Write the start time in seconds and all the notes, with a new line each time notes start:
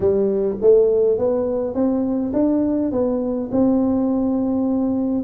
0.00 G3
0.61 A3
1.18 B3
1.74 C4
2.33 D4
2.91 B3
3.51 C4